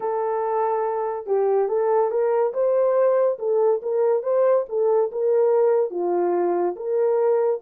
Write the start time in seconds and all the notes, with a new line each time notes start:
0.00 A4
1.26 G4
1.68 A4
2.10 A#4
2.53 C5
3.38 A4
3.82 A#4
4.23 C5
4.68 A4
5.11 A#4
5.90 F4
6.76 A#4